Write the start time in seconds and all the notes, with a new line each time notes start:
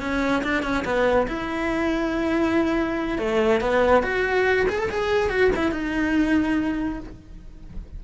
0.00 C#4
0.44 D4
0.63 C#4
0.85 B3
1.27 E4
3.18 A3
3.61 B3
4.03 F#4
4.69 G#4
4.79 A4
4.90 G#4
5.29 F#4
5.56 E4
5.72 D#4